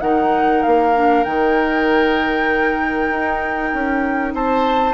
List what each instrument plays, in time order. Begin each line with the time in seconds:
0.00 bassoon D#3, clarinet D#4, oboe A#4, flute F#5
0.62 bassoon A#3, flute F5
0.94 clarinet D4
1.24 bassoon D#3, clarinet D#4, flute G5
3.10 bassoon D#4
3.73 bassoon C#4
4.33 bassoon C4, oboe C5, flute A5